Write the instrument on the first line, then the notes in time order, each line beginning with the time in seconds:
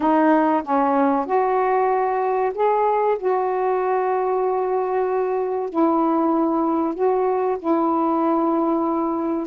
saxophone
0.00 D#4
0.63 C#4
1.26 F#4
2.54 G#4
3.18 F#4
5.69 E4
6.94 F#4
7.58 E4